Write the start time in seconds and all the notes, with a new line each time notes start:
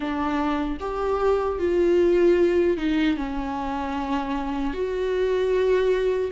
0.00 D4
0.80 G4
1.58 F4
2.77 D#4
3.17 C#4
4.73 F#4